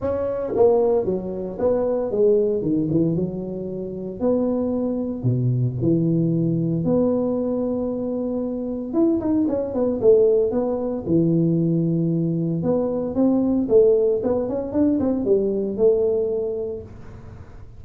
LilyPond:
\new Staff \with { instrumentName = "tuba" } { \time 4/4 \tempo 4 = 114 cis'4 ais4 fis4 b4 | gis4 dis8 e8 fis2 | b2 b,4 e4~ | e4 b2.~ |
b4 e'8 dis'8 cis'8 b8 a4 | b4 e2. | b4 c'4 a4 b8 cis'8 | d'8 c'8 g4 a2 | }